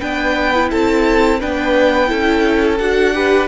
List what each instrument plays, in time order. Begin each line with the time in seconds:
0.00 cello B3, viola D4, violin B4 G5
0.55 viola E4
0.71 cello C4, violin A4 A5
1.40 cello B3, viola D4, violin B4 G5
2.07 cello C#4, viola E4, violin A4
2.78 cello D4, viola F#4, violin F#5
3.14 viola G4, violin B4